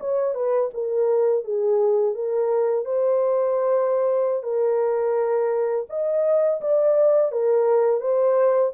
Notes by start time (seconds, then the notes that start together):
0.00 C#5
0.35 B4
0.74 A#4
1.44 G#4
2.15 A#4
2.85 C5
4.43 A#4
5.90 D#5
6.61 D5
7.32 A#4
8.01 C5